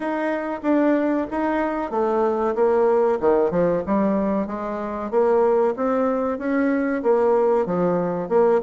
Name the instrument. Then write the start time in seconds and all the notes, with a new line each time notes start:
bassoon
0.00 D#4
0.62 D4
1.31 D#4
1.90 A3
2.55 A#3
3.20 D#3
3.50 F3
3.86 G3
4.47 G#3
5.10 A#3
5.76 C4
6.38 C#4
7.02 A#3
7.66 F3
8.29 A#3